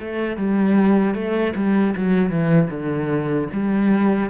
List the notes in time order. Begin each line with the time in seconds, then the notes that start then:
0.00 A3
0.37 G3
1.15 A3
1.56 G3
1.96 F#3
2.30 E3
2.71 D3
3.53 G3